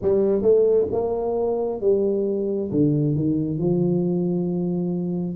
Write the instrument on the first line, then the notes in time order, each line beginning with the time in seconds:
tuba
0.02 G3
0.42 A3
0.91 A#3
1.80 G3
2.71 D3
3.15 D#3
3.58 F3